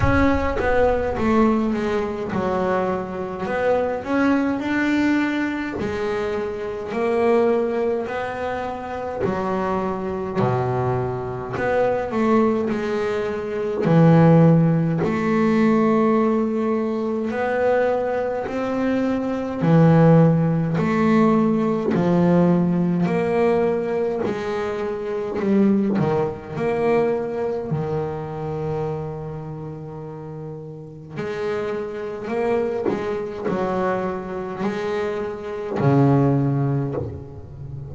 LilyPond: \new Staff \with { instrumentName = "double bass" } { \time 4/4 \tempo 4 = 52 cis'8 b8 a8 gis8 fis4 b8 cis'8 | d'4 gis4 ais4 b4 | fis4 b,4 b8 a8 gis4 | e4 a2 b4 |
c'4 e4 a4 f4 | ais4 gis4 g8 dis8 ais4 | dis2. gis4 | ais8 gis8 fis4 gis4 cis4 | }